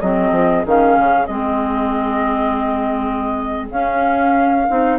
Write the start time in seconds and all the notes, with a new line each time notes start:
0.00 F#3 C4 G#4 D#5
0.31 F3
0.65 D#3 C#4 F5
0.99 C#3
1.26 G#3 C4 D#5
3.70 C#4 F5
4.68 C4 D#4